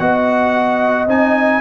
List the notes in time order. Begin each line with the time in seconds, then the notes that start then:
0.00 B3 F#4 D#5 F#5
1.07 C4 D#4 G#5